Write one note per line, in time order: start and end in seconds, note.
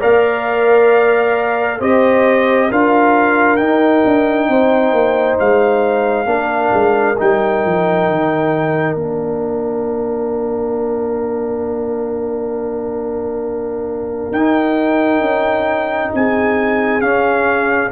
0.00 1.81 A#3
0.00 1.80 A#4
0.00 1.79 D5
0.00 1.82 F5
1.79 2.70 C4
1.79 2.70 G4
1.79 2.69 C5
1.79 2.71 D#5
2.70 3.59 D4
2.70 3.59 F4
2.70 4.49 A#4
2.70 3.57 F5
3.57 4.03 D#4
3.57 6.26 D#4
3.57 5.36 G5
4.05 4.49 D4
4.49 4.93 C4
4.49 6.30 C5
4.93 5.37 A#3
5.40 6.26 G#3
5.40 7.19 F5
6.26 6.71 A#3
6.26 7.15 D4
6.26 16.16 A#4
6.74 7.18 G#3
7.18 7.65 G3
7.18 8.97 D#4
7.18 8.97 G5
7.65 8.10 F3
8.10 8.95 D#3
8.95 14.32 A#3
8.95 14.34 D4
8.95 14.33 F5
14.32 15.20 D#4
14.32 17.01 D#4
14.32 16.12 G5
15.20 16.10 C#4
16.15 17.02 C4
16.15 17.92 G#4
16.15 17.01 G#5
17.01 17.91 C#4
17.01 17.92 C#4
17.01 17.91 F5